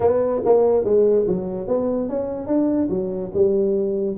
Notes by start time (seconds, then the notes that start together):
0.00 B3
0.45 A#3
0.84 G#3
1.27 F#3
1.67 B3
2.08 C#4
2.46 D4
2.89 F#3
3.33 G3